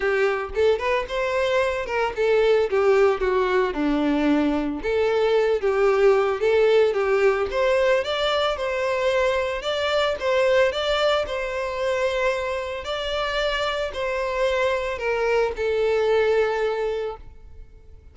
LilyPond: \new Staff \with { instrumentName = "violin" } { \time 4/4 \tempo 4 = 112 g'4 a'8 b'8 c''4. ais'8 | a'4 g'4 fis'4 d'4~ | d'4 a'4. g'4. | a'4 g'4 c''4 d''4 |
c''2 d''4 c''4 | d''4 c''2. | d''2 c''2 | ais'4 a'2. | }